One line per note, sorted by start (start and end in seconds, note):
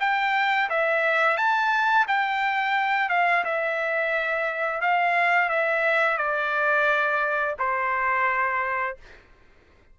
0.00 0.69 G5
0.70 1.37 E5
1.37 2.06 A5
2.08 3.09 G5
3.09 3.44 F5
3.44 4.81 E5
4.81 5.49 F5
5.49 6.18 E5
6.18 7.55 D5
7.59 8.97 C5